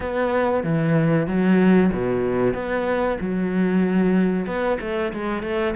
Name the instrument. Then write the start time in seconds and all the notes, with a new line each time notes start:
cello
0.00 B3
0.63 E3
1.27 F#3
1.92 B2
2.54 B3
3.20 F#3
4.46 B3
4.80 A3
5.13 G#3
5.42 A3